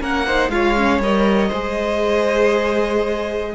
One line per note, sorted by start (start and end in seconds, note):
0.00 0.48 A#3
0.00 0.25 C#4
0.00 0.26 A#4
0.00 0.50 F#5
0.26 0.51 D#4
0.26 0.51 C5
0.48 0.99 G#3
0.48 0.76 F4
0.48 1.49 C#5
0.48 1.01 F5
0.76 1.01 C#4
0.99 1.50 G3
0.99 1.52 A#4
0.99 3.54 D#5
1.49 3.54 G#3
1.49 3.54 G#4
1.49 3.52 C5